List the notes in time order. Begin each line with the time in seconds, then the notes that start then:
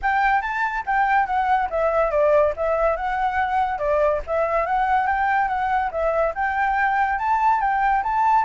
0.01 G5
0.41 A5
0.86 G5
1.26 F#5
1.69 E5
2.10 D5
2.56 E5
2.96 F#5
3.78 D5
4.26 E5
4.66 F#5
5.06 G5
5.48 F#5
5.91 E5
6.34 G5
7.18 A5
7.60 G5
8.03 A5